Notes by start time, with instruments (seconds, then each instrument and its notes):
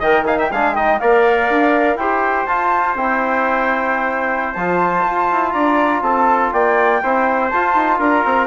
0.00 bassoon D#3, trombone A#4, trumpet D#5, flute G5
0.25 trombone D#4, trumpet F5, flute G#5
0.39 trumpet E5, flute G5
0.52 bassoon G#3, trombone D4, trumpet F5, flute G#5
0.75 trombone D#4, trumpet D#5, flute G5
0.99 bassoon A#3, trombone A#4, trumpet D5, flute F5
1.50 bassoon D4
1.96 bassoon E4, trombone G4, trumpet C5, flute G5
2.46 bassoon F4, trombone F4, flute A5
2.96 bassoon C4, trombone E4, flute G5
4.54 bassoon F3, trombone F4, flute A5
5.07 bassoon F4
5.31 bassoon E4
5.52 bassoon D4, trumpet D5, flute A#5
6.02 bassoon C4, trumpet A4, flute A5
6.52 bassoon A#3, trumpet D5, flute G5
7.03 bassoon C4, trombone E4, trumpet C5
7.49 trombone F4, bassoon F4, flute A5
7.75 bassoon D#4
7.99 bassoon D4, trumpet A#4, flute A#5
8.25 bassoon C4